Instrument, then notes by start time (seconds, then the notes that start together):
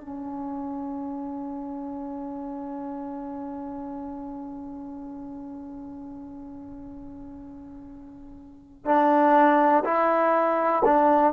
trombone
0.00 C#4
8.85 D4
9.85 E4
10.85 D4